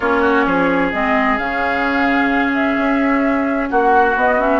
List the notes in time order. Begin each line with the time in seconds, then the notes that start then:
0.00 A#3 C#4 F4 C#5
0.21 F#4
0.46 F3 G#4
0.91 G#3 C4 D#5
1.37 C#3 C#4 F5
2.53 E5
2.77 C#4
3.69 A#3 F#4 F#5
4.15 B3 D#5
4.38 C#4 E5